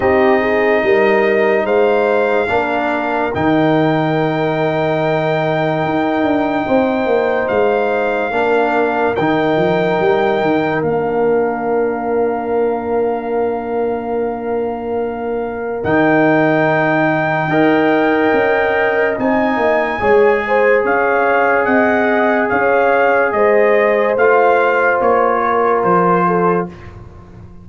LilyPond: <<
  \new Staff \with { instrumentName = "trumpet" } { \time 4/4 \tempo 4 = 72 dis''2 f''2 | g''1~ | g''4 f''2 g''4~ | g''4 f''2.~ |
f''2. g''4~ | g''2. gis''4~ | gis''4 f''4 fis''4 f''4 | dis''4 f''4 cis''4 c''4 | }
  \new Staff \with { instrumentName = "horn" } { \time 4/4 g'8 gis'8 ais'4 c''4 ais'4~ | ais'1 | c''2 ais'2~ | ais'1~ |
ais'1~ | ais'4 dis''2. | cis''8 c''8 cis''4 dis''4 cis''4 | c''2~ c''8 ais'4 a'8 | }
  \new Staff \with { instrumentName = "trombone" } { \time 4/4 dis'2. d'4 | dis'1~ | dis'2 d'4 dis'4~ | dis'4 d'2.~ |
d'2. dis'4~ | dis'4 ais'2 dis'4 | gis'1~ | gis'4 f'2. | }
  \new Staff \with { instrumentName = "tuba" } { \time 4/4 c'4 g4 gis4 ais4 | dis2. dis'8 d'8 | c'8 ais8 gis4 ais4 dis8 f8 | g8 dis8 ais2.~ |
ais2. dis4~ | dis4 dis'4 cis'4 c'8 ais8 | gis4 cis'4 c'4 cis'4 | gis4 a4 ais4 f4 | }
>>